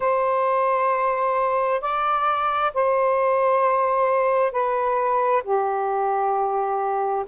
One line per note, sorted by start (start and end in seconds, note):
0.00 1.81 C5
1.81 2.71 D5
2.74 4.52 C5
4.52 5.43 B4
5.43 7.25 G4